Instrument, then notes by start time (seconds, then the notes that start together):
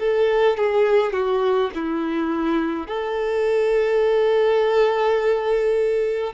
violin
0.00 A4
0.57 G#4
1.13 F#4
1.75 E4
2.87 A4